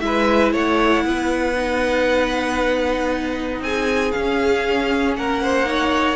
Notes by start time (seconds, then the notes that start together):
0.00 G#3 E4 B4 E5
0.53 A3 C#5 F#5
1.04 B3 B4
1.56 D#4
3.60 C4 G#4 G#5
4.11 C#4 F5
5.16 A#3 A#4 F#5
5.42 C5
5.65 D#4 C#5